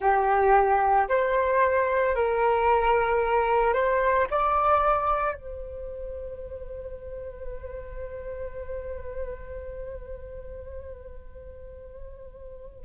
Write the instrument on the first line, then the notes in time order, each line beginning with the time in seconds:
flute
0.00 G4
1.08 C5
2.15 A#4
3.73 C5
4.30 D5
5.35 C5